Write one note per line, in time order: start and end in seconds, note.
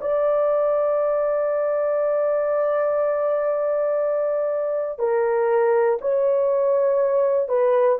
0.00 4.98 D5
4.98 5.98 A#4
6.00 7.48 C#5
7.48 7.98 B4